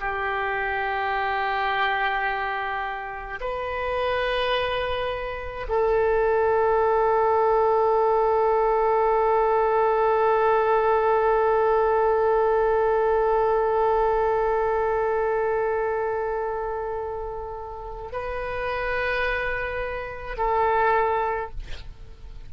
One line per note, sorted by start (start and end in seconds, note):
0.00 3.40 G4
3.40 5.67 B4
5.69 18.12 A4
18.12 20.37 B4
20.37 21.50 A4